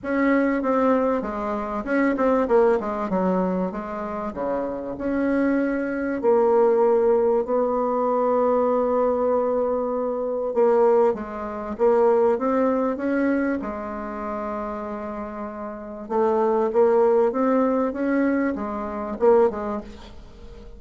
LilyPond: \new Staff \with { instrumentName = "bassoon" } { \time 4/4 \tempo 4 = 97 cis'4 c'4 gis4 cis'8 c'8 | ais8 gis8 fis4 gis4 cis4 | cis'2 ais2 | b1~ |
b4 ais4 gis4 ais4 | c'4 cis'4 gis2~ | gis2 a4 ais4 | c'4 cis'4 gis4 ais8 gis8 | }